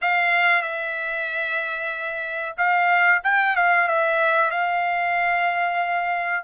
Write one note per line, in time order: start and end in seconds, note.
0.01 0.62 F5
0.62 2.55 E5
2.57 3.21 F5
3.23 3.56 G5
3.56 3.88 F5
3.88 4.50 E5
4.50 6.44 F5